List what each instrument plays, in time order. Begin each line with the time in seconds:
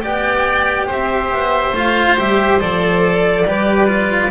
0.00 double bass B3, cello G4, oboe D5, violin G5
0.86 double bass C4, oboe C5, violin E5
1.31 double bass B3
1.72 double bass A3, cello F4, violin F5
2.17 double bass G3, cello G4, violin E5
2.59 double bass F3, cello A4, violin D5
3.44 double bass G3, cello G4, oboe B4
3.87 cello F4